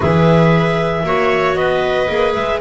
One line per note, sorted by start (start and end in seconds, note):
0.00 1.03 E3
0.00 1.04 G#4
0.00 1.02 B4
0.00 1.55 E5
1.03 1.55 A#3
1.03 2.07 F#4
1.03 1.57 C#5
1.55 2.07 B3
1.55 2.61 B4
1.55 2.33 D#5
2.07 2.34 A#3
2.07 2.59 G#4
2.34 2.61 G#3
2.34 2.60 E5